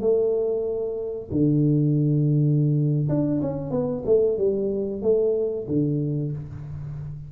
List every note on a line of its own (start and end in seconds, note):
0.00 1.29 A3
1.30 3.08 D3
3.08 3.40 D4
3.41 3.71 C#4
3.71 4.03 B3
4.05 4.37 A3
4.37 5.01 G3
5.02 5.66 A3
5.67 6.32 D3